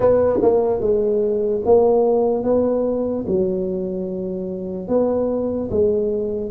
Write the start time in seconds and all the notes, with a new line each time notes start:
0.00 B3
0.42 A#3
0.80 G#3
1.65 A#3
2.43 B3
3.27 F#3
4.88 B3
5.70 G#3